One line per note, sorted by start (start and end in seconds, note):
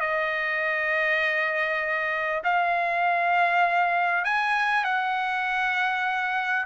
0.00 2.42 D#5
2.44 4.25 F5
4.25 4.84 G#5
4.84 6.66 F#5